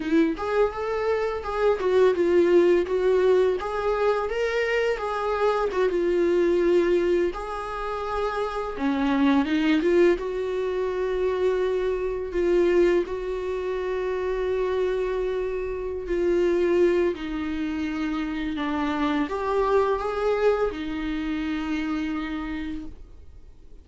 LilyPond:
\new Staff \with { instrumentName = "viola" } { \time 4/4 \tempo 4 = 84 e'8 gis'8 a'4 gis'8 fis'8 f'4 | fis'4 gis'4 ais'4 gis'4 | fis'16 f'2 gis'4.~ gis'16~ | gis'16 cis'4 dis'8 f'8 fis'4.~ fis'16~ |
fis'4~ fis'16 f'4 fis'4.~ fis'16~ | fis'2~ fis'8 f'4. | dis'2 d'4 g'4 | gis'4 dis'2. | }